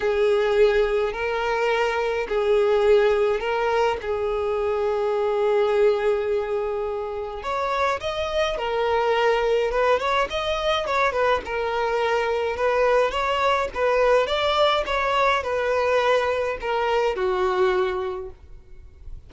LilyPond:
\new Staff \with { instrumentName = "violin" } { \time 4/4 \tempo 4 = 105 gis'2 ais'2 | gis'2 ais'4 gis'4~ | gis'1~ | gis'4 cis''4 dis''4 ais'4~ |
ais'4 b'8 cis''8 dis''4 cis''8 b'8 | ais'2 b'4 cis''4 | b'4 d''4 cis''4 b'4~ | b'4 ais'4 fis'2 | }